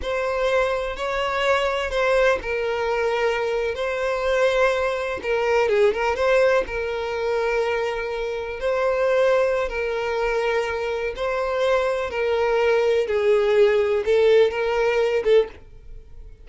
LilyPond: \new Staff \with { instrumentName = "violin" } { \time 4/4 \tempo 4 = 124 c''2 cis''2 | c''4 ais'2~ ais'8. c''16~ | c''2~ c''8. ais'4 gis'16~ | gis'16 ais'8 c''4 ais'2~ ais'16~ |
ais'4.~ ais'16 c''2~ c''16 | ais'2. c''4~ | c''4 ais'2 gis'4~ | gis'4 a'4 ais'4. a'8 | }